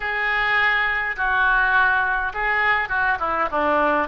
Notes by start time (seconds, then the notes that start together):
0.00 G#4
1.16 F#4
2.33 G#4
2.88 F#4
3.19 E4
3.51 D4